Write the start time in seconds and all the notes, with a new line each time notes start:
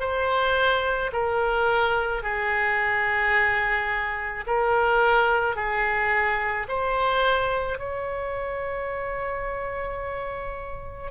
0.00 C5
1.13 A#4
2.23 G#4
4.47 A#4
5.56 G#4
6.68 C5
7.79 C#5